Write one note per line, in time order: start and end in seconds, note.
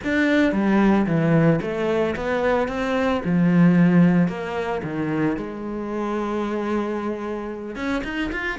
0.04 0.52 D4
0.52 1.05 G3
1.06 1.60 E3
1.61 2.15 A3
2.16 2.68 B3
2.68 3.21 C4
3.25 4.28 F3
4.28 4.81 A#3
4.83 5.36 D#3
5.36 7.75 G#3
7.75 8.02 C#4
8.04 8.30 D#4
8.32 8.58 F4